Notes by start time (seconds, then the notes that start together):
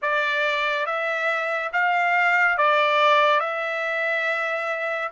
0.02 D5
0.86 E5
1.72 F5
2.57 D5
3.39 E5